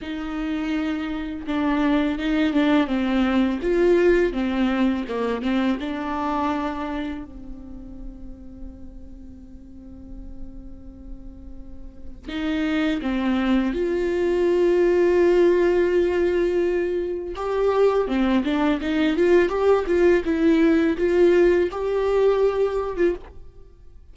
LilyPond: \new Staff \with { instrumentName = "viola" } { \time 4/4 \tempo 4 = 83 dis'2 d'4 dis'8 d'8 | c'4 f'4 c'4 ais8 c'8 | d'2 c'2~ | c'1~ |
c'4 dis'4 c'4 f'4~ | f'1 | g'4 c'8 d'8 dis'8 f'8 g'8 f'8 | e'4 f'4 g'4.~ g'16 f'16 | }